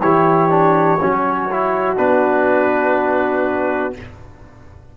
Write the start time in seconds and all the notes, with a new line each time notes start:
0.00 E3 E4 G4 C#5
0.49 D4
1.00 F#3 C#4 F#4
1.50 E4
1.96 B3 D4 B4